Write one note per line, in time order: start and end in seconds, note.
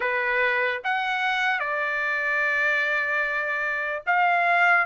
0.00 0.81 B4
0.84 1.59 F#5
1.59 4.02 D5
4.06 4.85 F5